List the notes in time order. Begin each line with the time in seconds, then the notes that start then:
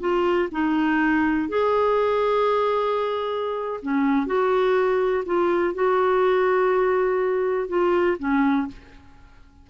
0.00 F4
0.52 D#4
1.49 G#4
3.82 C#4
4.27 F#4
5.25 F4
5.74 F#4
7.68 F4
8.19 C#4